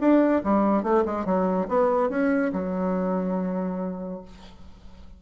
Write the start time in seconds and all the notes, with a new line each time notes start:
0.00 D4
0.44 G3
0.83 A3
1.05 G#3
1.25 F#3
1.68 B3
2.09 C#4
2.52 F#3